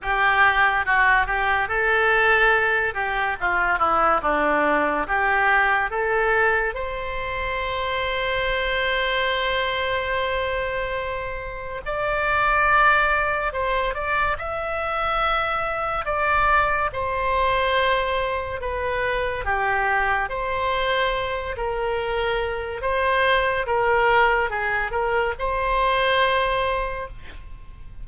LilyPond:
\new Staff \with { instrumentName = "oboe" } { \time 4/4 \tempo 4 = 71 g'4 fis'8 g'8 a'4. g'8 | f'8 e'8 d'4 g'4 a'4 | c''1~ | c''2 d''2 |
c''8 d''8 e''2 d''4 | c''2 b'4 g'4 | c''4. ais'4. c''4 | ais'4 gis'8 ais'8 c''2 | }